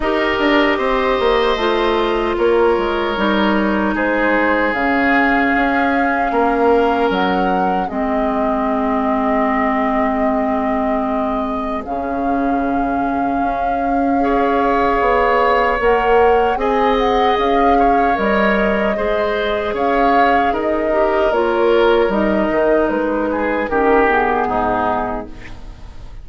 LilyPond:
<<
  \new Staff \with { instrumentName = "flute" } { \time 4/4 \tempo 4 = 76 dis''2. cis''4~ | cis''4 c''4 f''2~ | f''4 fis''4 dis''2~ | dis''2. f''4~ |
f''1 | fis''4 gis''8 fis''8 f''4 dis''4~ | dis''4 f''4 dis''4 cis''4 | dis''4 b'4 ais'8 gis'4. | }
  \new Staff \with { instrumentName = "oboe" } { \time 4/4 ais'4 c''2 ais'4~ | ais'4 gis'2. | ais'2 gis'2~ | gis'1~ |
gis'2 cis''2~ | cis''4 dis''4. cis''4. | c''4 cis''4 ais'2~ | ais'4. gis'8 g'4 dis'4 | }
  \new Staff \with { instrumentName = "clarinet" } { \time 4/4 g'2 f'2 | dis'2 cis'2~ | cis'2 c'2~ | c'2. cis'4~ |
cis'2 gis'2 | ais'4 gis'2 ais'4 | gis'2~ gis'8 g'8 f'4 | dis'2 cis'8 b4. | }
  \new Staff \with { instrumentName = "bassoon" } { \time 4/4 dis'8 d'8 c'8 ais8 a4 ais8 gis8 | g4 gis4 cis4 cis'4 | ais4 fis4 gis2~ | gis2. cis4~ |
cis4 cis'2 b4 | ais4 c'4 cis'4 g4 | gis4 cis'4 dis'4 ais4 | g8 dis8 gis4 dis4 gis,4 | }
>>